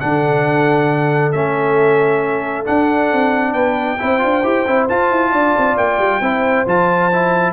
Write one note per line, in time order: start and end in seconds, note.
0.00 1.33 D3
0.00 1.34 D4
0.00 3.54 A4
0.00 1.32 F#5
1.32 2.66 A3
1.32 2.65 C#4
1.32 2.65 E5
2.65 3.98 D4
2.65 3.12 D4
2.65 3.53 F#5
3.12 3.53 C4
3.53 3.98 B3
3.53 3.98 B4
3.53 4.86 G5
3.99 4.24 C4
3.99 4.19 E4
3.99 5.31 C5
4.19 4.44 D4
4.19 4.41 F4
4.44 4.66 E4
4.44 4.66 G4
4.67 4.89 C4
4.67 4.89 E4
4.89 5.11 F4
4.89 6.22 F4
4.89 5.77 A5
5.11 5.32 E4
5.31 5.55 D4
5.31 6.20 D5
5.58 5.77 C4
5.77 5.98 A#3
5.77 6.66 G5
5.98 6.20 G3
6.20 6.65 C4
6.20 6.67 E4
6.20 7.53 C5
6.66 7.53 F3
6.66 7.12 F4
6.66 7.53 A5
7.12 7.53 E4